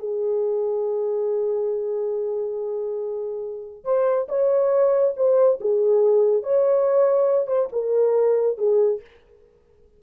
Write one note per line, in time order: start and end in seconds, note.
0.00 3.85 G#4
3.85 4.28 C5
4.29 5.15 C#5
5.17 5.60 C5
5.61 6.44 G#4
6.44 7.47 C#5
7.47 7.69 C5
7.73 8.58 A#4
8.58 9.01 G#4